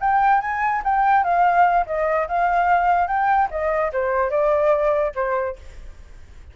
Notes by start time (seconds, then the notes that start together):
0.00 G5
0.41 G#5
0.84 G5
1.24 F5
1.86 D#5
2.28 F5
3.07 G5
3.50 D#5
3.92 C5
4.30 D5
5.15 C5